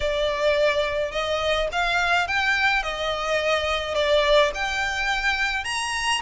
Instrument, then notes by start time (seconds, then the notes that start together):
violin
0.00 D5
1.11 D#5
1.72 F5
2.27 G5
2.83 D#5
3.95 D5
4.54 G5
5.64 A#5